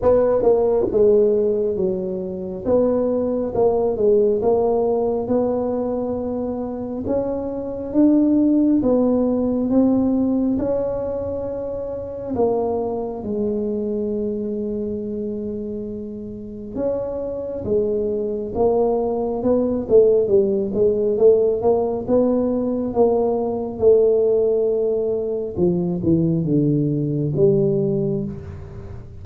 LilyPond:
\new Staff \with { instrumentName = "tuba" } { \time 4/4 \tempo 4 = 68 b8 ais8 gis4 fis4 b4 | ais8 gis8 ais4 b2 | cis'4 d'4 b4 c'4 | cis'2 ais4 gis4~ |
gis2. cis'4 | gis4 ais4 b8 a8 g8 gis8 | a8 ais8 b4 ais4 a4~ | a4 f8 e8 d4 g4 | }